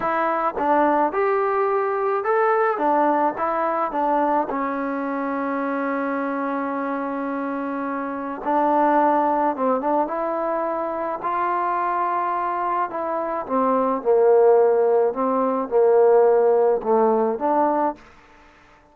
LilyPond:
\new Staff \with { instrumentName = "trombone" } { \time 4/4 \tempo 4 = 107 e'4 d'4 g'2 | a'4 d'4 e'4 d'4 | cis'1~ | cis'2. d'4~ |
d'4 c'8 d'8 e'2 | f'2. e'4 | c'4 ais2 c'4 | ais2 a4 d'4 | }